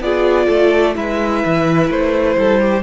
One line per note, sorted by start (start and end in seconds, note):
0.00 0.47 B3
0.00 0.94 F4
0.00 0.47 G#4
0.00 0.96 D5
0.47 0.96 A3
0.47 0.94 A4
0.94 1.43 G#3
0.94 2.82 E4
0.94 2.37 B4
0.94 1.90 E5
1.45 1.89 E3
1.89 2.36 A3
1.89 2.82 C5
2.37 2.82 G3
2.37 2.60 A4
2.60 2.82 G4